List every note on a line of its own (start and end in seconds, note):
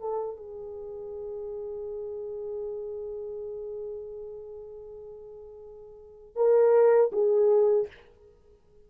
0.00 0.36 A4
0.36 6.36 G#4
6.36 7.11 A#4
7.12 7.88 G#4